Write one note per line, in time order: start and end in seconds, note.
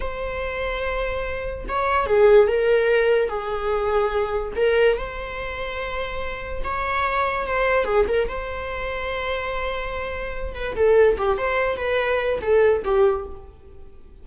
0.00 1.65 C5
1.68 2.06 C#5
2.06 2.47 G#4
2.47 3.28 A#4
3.28 4.52 G#4
4.56 4.97 A#4
4.97 6.62 C5
6.63 7.46 C#5
7.46 7.85 C5
7.85 8.05 G#4
8.07 8.28 A#4
8.28 10.55 C5
10.55 10.75 B4
10.75 11.17 A4
11.18 11.37 G4
11.37 11.76 C5
11.76 12.39 B4
12.41 12.83 A4
12.84 13.25 G4